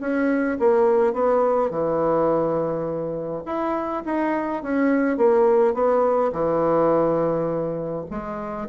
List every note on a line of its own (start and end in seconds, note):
0.00 0.58 C#4
0.59 1.13 A#3
1.13 1.70 B3
1.70 3.43 E3
3.45 4.03 E4
4.05 4.63 D#4
4.63 5.17 C#4
5.17 5.74 A#3
5.74 6.31 B3
6.32 8.05 E3
8.10 8.68 G#3